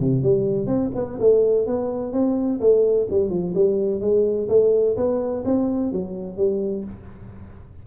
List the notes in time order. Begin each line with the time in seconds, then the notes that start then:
0.00 C3
0.23 G3
0.67 C4
0.95 B3
1.20 A3
1.67 B3
2.13 C4
2.60 A3
3.11 G3
3.30 F3
3.55 G3
4.01 G#3
4.49 A3
4.97 B3
5.45 C4
5.92 F#3
6.37 G3